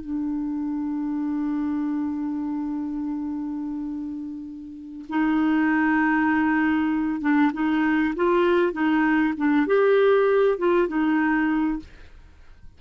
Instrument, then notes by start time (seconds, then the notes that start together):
clarinet
0.00 D4
5.09 D#4
7.20 D4
7.53 D#4
8.15 F4
8.72 D#4
9.37 D4
9.66 G4
10.58 F4
10.87 D#4